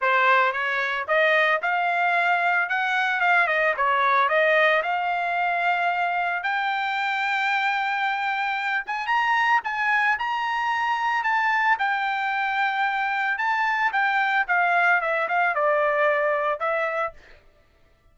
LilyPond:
\new Staff \with { instrumentName = "trumpet" } { \time 4/4 \tempo 4 = 112 c''4 cis''4 dis''4 f''4~ | f''4 fis''4 f''8 dis''8 cis''4 | dis''4 f''2. | g''1~ |
g''8 gis''8 ais''4 gis''4 ais''4~ | ais''4 a''4 g''2~ | g''4 a''4 g''4 f''4 | e''8 f''8 d''2 e''4 | }